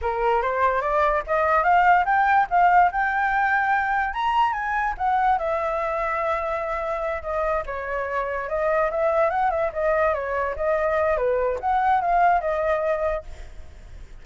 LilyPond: \new Staff \with { instrumentName = "flute" } { \time 4/4 \tempo 4 = 145 ais'4 c''4 d''4 dis''4 | f''4 g''4 f''4 g''4~ | g''2 ais''4 gis''4 | fis''4 e''2.~ |
e''4. dis''4 cis''4.~ | cis''8 dis''4 e''4 fis''8 e''8 dis''8~ | dis''8 cis''4 dis''4. b'4 | fis''4 f''4 dis''2 | }